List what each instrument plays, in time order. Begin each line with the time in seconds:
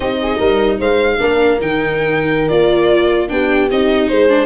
0.00 tuba C4, viola D#4, horn G4, violin D#5
0.22 horn G#4
0.38 tuba G3, horn A#4
0.79 tuba G#3, horn C5, violin F5
1.19 tuba A#3, viola D4, horn A#4
1.60 tuba D#3, viola D#4, violin G5
2.48 tuba A#3, viola F4, violin D5
3.28 tuba B3, viola D4, horn G4, violin G5
3.71 tuba C4, viola D#4, violin D#5
4.08 tuba G#3, horn G#4, violin C5
4.29 viola D4